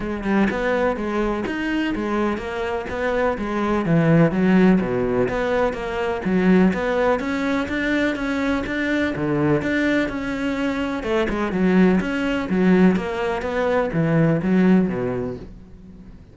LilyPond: \new Staff \with { instrumentName = "cello" } { \time 4/4 \tempo 4 = 125 gis8 g8 b4 gis4 dis'4 | gis4 ais4 b4 gis4 | e4 fis4 b,4 b4 | ais4 fis4 b4 cis'4 |
d'4 cis'4 d'4 d4 | d'4 cis'2 a8 gis8 | fis4 cis'4 fis4 ais4 | b4 e4 fis4 b,4 | }